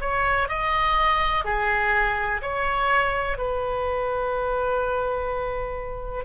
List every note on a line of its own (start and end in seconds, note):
0.00 0.48 C#5
0.48 1.45 D#5
1.45 2.41 G#4
2.42 3.38 C#5
3.38 6.25 B4